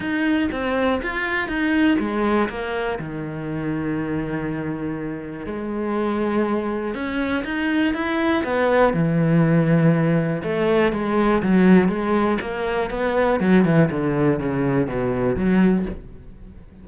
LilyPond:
\new Staff \with { instrumentName = "cello" } { \time 4/4 \tempo 4 = 121 dis'4 c'4 f'4 dis'4 | gis4 ais4 dis2~ | dis2. gis4~ | gis2 cis'4 dis'4 |
e'4 b4 e2~ | e4 a4 gis4 fis4 | gis4 ais4 b4 fis8 e8 | d4 cis4 b,4 fis4 | }